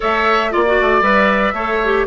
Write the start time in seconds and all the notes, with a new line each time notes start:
0.00 A3 A4 C#5 E5
0.51 A#3 F4 D5
0.66 F#4
0.81 A3
1.01 G3 B4 E5
1.53 A3 A4 C#5
1.84 G4